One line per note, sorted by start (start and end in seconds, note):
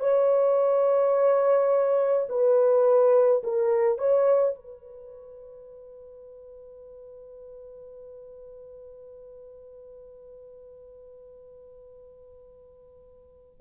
0.00 2.26 C#5
2.30 3.43 B4
3.44 3.99 A#4
3.99 4.55 C#5
4.55 13.61 B4